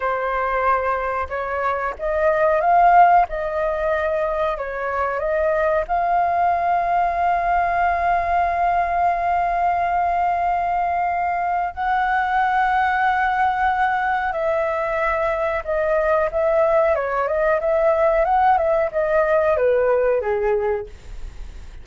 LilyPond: \new Staff \with { instrumentName = "flute" } { \time 4/4 \tempo 4 = 92 c''2 cis''4 dis''4 | f''4 dis''2 cis''4 | dis''4 f''2.~ | f''1~ |
f''2 fis''2~ | fis''2 e''2 | dis''4 e''4 cis''8 dis''8 e''4 | fis''8 e''8 dis''4 b'4 gis'4 | }